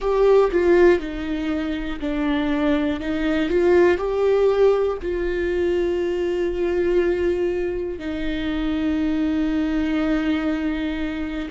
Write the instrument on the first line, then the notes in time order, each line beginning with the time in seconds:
viola
0.00 G4
0.50 F4
1.00 D#4
2.00 D4
3.00 D#4
3.49 F4
3.97 G4
5.02 F4
7.99 D#4